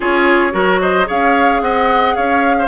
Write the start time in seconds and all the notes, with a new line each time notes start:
0.00 C#4 F4 G#4 C#5
0.51 F#3 F#4 A#4
0.81 C5 D#5
1.05 C#4 G#4 C#5 F5
1.61 C4 D#5 F#5
2.15 C#4 C#5 F5
2.58 C5